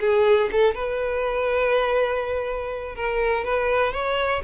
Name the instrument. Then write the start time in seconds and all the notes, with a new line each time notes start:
violin
0.00 G#4
0.52 A4
0.75 B4
2.95 A#4
3.44 B4
3.92 C#5